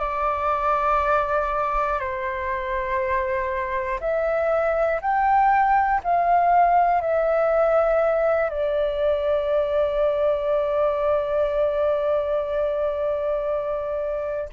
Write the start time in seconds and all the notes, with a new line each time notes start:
0.00 D5
2.00 C5
4.00 E5
5.01 G5
6.04 F5
7.01 E5
8.50 D5